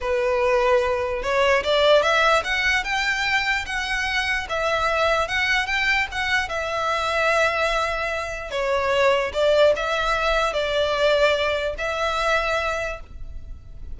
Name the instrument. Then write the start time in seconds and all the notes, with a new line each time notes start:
violin
0.01 B4
1.22 C#5
1.63 D5
2.02 E5
2.43 F#5
2.84 G5
3.66 F#5
4.49 E5
5.28 F#5
5.66 G5
6.11 F#5
6.49 E5
8.50 C#5
9.33 D5
9.75 E5
10.53 D5
11.78 E5